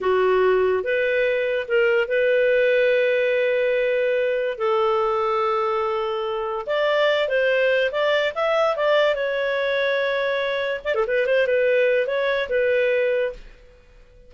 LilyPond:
\new Staff \with { instrumentName = "clarinet" } { \time 4/4 \tempo 4 = 144 fis'2 b'2 | ais'4 b'2.~ | b'2. a'4~ | a'1 |
d''4. c''4. d''4 | e''4 d''4 cis''2~ | cis''2 d''16 a'16 b'8 c''8 b'8~ | b'4 cis''4 b'2 | }